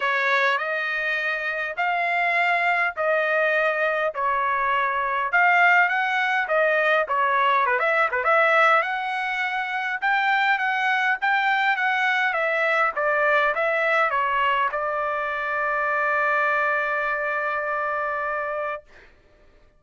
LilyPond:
\new Staff \with { instrumentName = "trumpet" } { \time 4/4 \tempo 4 = 102 cis''4 dis''2 f''4~ | f''4 dis''2 cis''4~ | cis''4 f''4 fis''4 dis''4 | cis''4 b'16 e''8 b'16 e''4 fis''4~ |
fis''4 g''4 fis''4 g''4 | fis''4 e''4 d''4 e''4 | cis''4 d''2.~ | d''1 | }